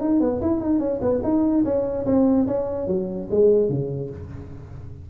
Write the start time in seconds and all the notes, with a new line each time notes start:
0.00 D#4
0.20 B3
0.41 E4
0.60 D#4
0.79 C#4
1.01 B3
1.23 D#4
1.64 C#4
2.06 C4
2.47 C#4
2.87 F#3
3.31 G#3
3.69 C#3